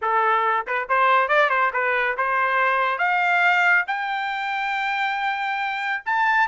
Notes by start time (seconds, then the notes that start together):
0.01 A4
0.67 B4
0.88 C5
1.28 D5
1.49 C5
1.73 B4
2.17 C5
2.98 F5
3.87 G5
6.05 A5